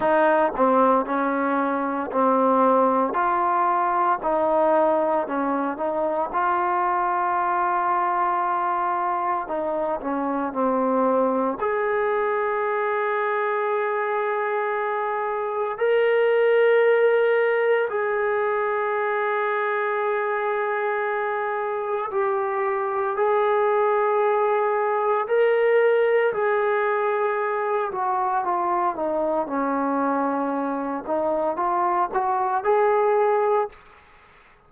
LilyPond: \new Staff \with { instrumentName = "trombone" } { \time 4/4 \tempo 4 = 57 dis'8 c'8 cis'4 c'4 f'4 | dis'4 cis'8 dis'8 f'2~ | f'4 dis'8 cis'8 c'4 gis'4~ | gis'2. ais'4~ |
ais'4 gis'2.~ | gis'4 g'4 gis'2 | ais'4 gis'4. fis'8 f'8 dis'8 | cis'4. dis'8 f'8 fis'8 gis'4 | }